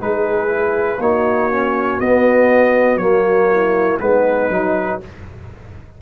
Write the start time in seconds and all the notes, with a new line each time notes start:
0.00 G#3 D#4 G#4 B4
0.48 E4
0.99 A#3 D#4 F#4 C#5
1.51 C#4
2.00 B3 D#5
2.97 F#3 A#3 C#5
3.52 E4
4.00 G#3 B3 D#4 B4
4.50 F#3 D#4